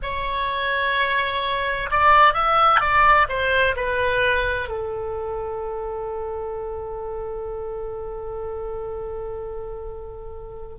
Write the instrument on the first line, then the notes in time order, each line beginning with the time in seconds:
oboe
0.02 C#5
1.90 D5
2.33 E5
2.80 D5
3.29 C5
3.76 B4
4.68 A4